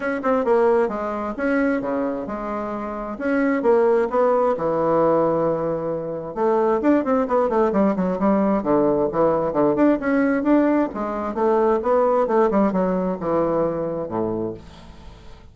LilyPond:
\new Staff \with { instrumentName = "bassoon" } { \time 4/4 \tempo 4 = 132 cis'8 c'8 ais4 gis4 cis'4 | cis4 gis2 cis'4 | ais4 b4 e2~ | e2 a4 d'8 c'8 |
b8 a8 g8 fis8 g4 d4 | e4 d8 d'8 cis'4 d'4 | gis4 a4 b4 a8 g8 | fis4 e2 a,4 | }